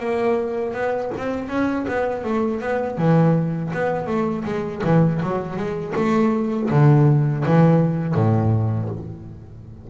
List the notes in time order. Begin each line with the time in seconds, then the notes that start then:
0.00 A#3
0.74 B3
1.18 C4
1.49 C#4
1.89 B3
2.25 A3
2.61 B3
2.98 E3
3.74 B3
4.07 A3
4.45 G#3
4.85 E3
5.23 F#3
5.57 G#3
5.96 A3
6.71 D3
7.46 E3
8.15 A2